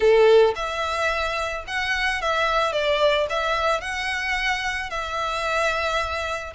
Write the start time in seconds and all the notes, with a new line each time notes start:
0.00 A4
0.55 E5
1.67 F#5
2.21 E5
2.72 D5
3.29 E5
3.81 F#5
4.90 E5